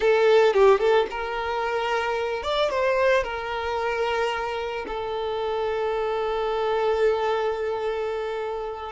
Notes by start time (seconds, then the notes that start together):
0.00 A4
0.53 G4
0.79 A4
1.10 A#4
2.43 D5
2.70 C5
3.23 A#4
4.87 A4